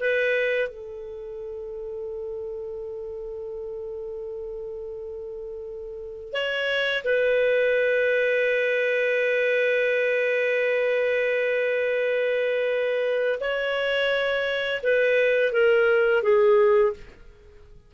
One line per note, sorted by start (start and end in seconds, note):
0.00 0.68 B4
0.68 6.32 A4
6.32 7.03 C#5
7.04 13.39 B4
13.40 14.81 C#5
14.83 15.52 B4
15.52 16.23 A#4
16.23 16.93 G#4